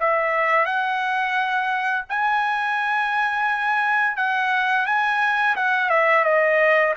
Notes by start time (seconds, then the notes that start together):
0.00 E5
0.65 F#5
2.09 G#5
4.17 F#5
4.86 G#5
5.56 F#5
5.90 E5
6.24 D#5